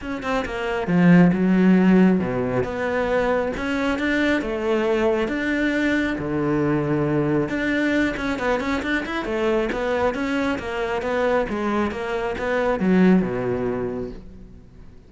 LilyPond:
\new Staff \with { instrumentName = "cello" } { \time 4/4 \tempo 4 = 136 cis'8 c'8 ais4 f4 fis4~ | fis4 b,4 b2 | cis'4 d'4 a2 | d'2 d2~ |
d4 d'4. cis'8 b8 cis'8 | d'8 e'8 a4 b4 cis'4 | ais4 b4 gis4 ais4 | b4 fis4 b,2 | }